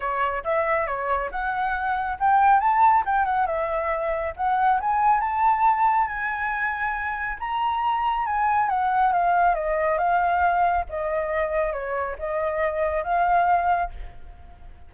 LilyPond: \new Staff \with { instrumentName = "flute" } { \time 4/4 \tempo 4 = 138 cis''4 e''4 cis''4 fis''4~ | fis''4 g''4 a''4 g''8 fis''8 | e''2 fis''4 gis''4 | a''2 gis''2~ |
gis''4 ais''2 gis''4 | fis''4 f''4 dis''4 f''4~ | f''4 dis''2 cis''4 | dis''2 f''2 | }